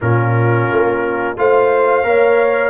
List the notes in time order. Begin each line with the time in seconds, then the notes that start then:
0.00 A#2 C#4 F4 A#4
0.71 A#3
1.37 A3 F4 C5 F5
2.03 A#3 A#4 C#5